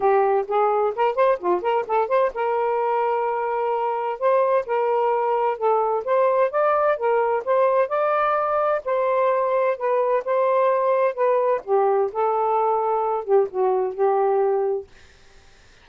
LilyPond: \new Staff \with { instrumentName = "saxophone" } { \time 4/4 \tempo 4 = 129 g'4 gis'4 ais'8 c''8 f'8 ais'8 | a'8 c''8 ais'2.~ | ais'4 c''4 ais'2 | a'4 c''4 d''4 ais'4 |
c''4 d''2 c''4~ | c''4 b'4 c''2 | b'4 g'4 a'2~ | a'8 g'8 fis'4 g'2 | }